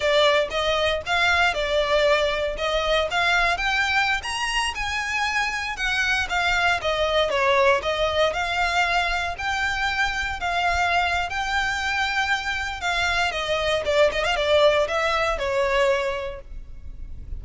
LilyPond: \new Staff \with { instrumentName = "violin" } { \time 4/4 \tempo 4 = 117 d''4 dis''4 f''4 d''4~ | d''4 dis''4 f''4 g''4~ | g''16 ais''4 gis''2 fis''8.~ | fis''16 f''4 dis''4 cis''4 dis''8.~ |
dis''16 f''2 g''4.~ g''16~ | g''16 f''4.~ f''16 g''2~ | g''4 f''4 dis''4 d''8 dis''16 f''16 | d''4 e''4 cis''2 | }